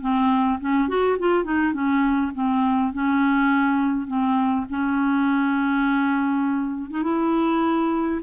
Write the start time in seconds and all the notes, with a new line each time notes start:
0.00 C4
0.60 C#4
0.88 F#4
1.19 F4
1.44 D#4
1.73 C#4
2.34 C4
2.93 C#4
4.07 C4
4.69 C#4
6.90 D#4
7.03 E4